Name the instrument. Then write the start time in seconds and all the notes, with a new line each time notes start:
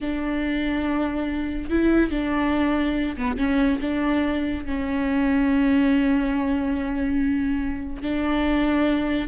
viola
0.01 D4
1.70 E4
2.10 D4
3.17 B3
3.37 C#4
3.80 D4
4.65 C#4
8.02 D4